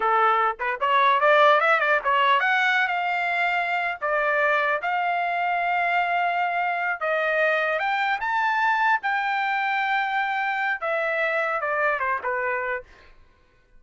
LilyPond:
\new Staff \with { instrumentName = "trumpet" } { \time 4/4 \tempo 4 = 150 a'4. b'8 cis''4 d''4 | e''8 d''8 cis''4 fis''4~ fis''16 f''8.~ | f''2 d''2 | f''1~ |
f''4. dis''2 g''8~ | g''8 a''2 g''4.~ | g''2. e''4~ | e''4 d''4 c''8 b'4. | }